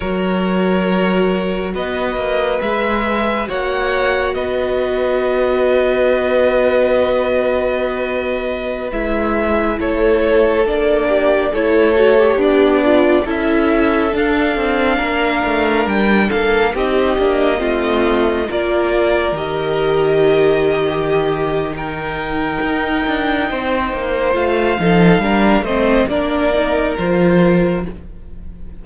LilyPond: <<
  \new Staff \with { instrumentName = "violin" } { \time 4/4 \tempo 4 = 69 cis''2 dis''4 e''4 | fis''4 dis''2.~ | dis''2~ dis''16 e''4 cis''8.~ | cis''16 d''4 cis''4 d''4 e''8.~ |
e''16 f''2 g''8 f''8 dis''8.~ | dis''4~ dis''16 d''4 dis''4.~ dis''16~ | dis''4 g''2. | f''4. dis''8 d''4 c''4 | }
  \new Staff \with { instrumentName = "violin" } { \time 4/4 ais'2 b'2 | cis''4 b'2.~ | b'2.~ b'16 a'8.~ | a'8. g'8 a'4 d'4 a'8.~ |
a'4~ a'16 ais'4. a'8 g'8.~ | g'16 f'4 ais'2~ ais'8. | g'4 ais'2 c''4~ | c''8 a'8 ais'8 c''8 ais'2 | }
  \new Staff \with { instrumentName = "viola" } { \time 4/4 fis'2. gis'4 | fis'1~ | fis'2~ fis'16 e'4.~ e'16~ | e'16 d'4 e'8 fis'16 g'8. f'8 e'8.~ |
e'16 d'2. dis'8 d'16~ | d'16 c'4 f'4 g'4.~ g'16~ | g'4 dis'2. | f'8 dis'8 d'8 c'8 d'8 dis'8 f'4 | }
  \new Staff \with { instrumentName = "cello" } { \time 4/4 fis2 b8 ais8 gis4 | ais4 b2.~ | b2~ b16 gis4 a8.~ | a16 ais4 a4 b4 cis'8.~ |
cis'16 d'8 c'8 ais8 a8 g8 ais8 c'8 ais16~ | ais16 a4 ais4 dis4.~ dis16~ | dis2 dis'8 d'8 c'8 ais8 | a8 f8 g8 a8 ais4 f4 | }
>>